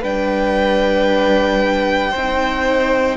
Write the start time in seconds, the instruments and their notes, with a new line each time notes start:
0.00 cello G3, viola D4, violin B4 G5
2.11 cello C4, violin C5
2.17 viola D#4